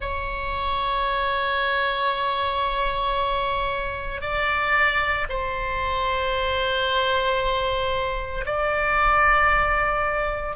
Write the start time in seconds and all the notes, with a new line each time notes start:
0.00 C#5
4.21 D5
5.29 C5
8.45 D5